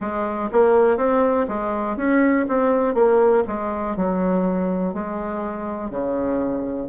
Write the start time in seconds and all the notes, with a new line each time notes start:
0.00 G#3
0.52 A#3
0.97 C4
1.48 G#3
1.97 C#4
2.48 C4
2.94 A#3
3.47 G#3
3.96 F#3
4.93 G#3
5.90 C#3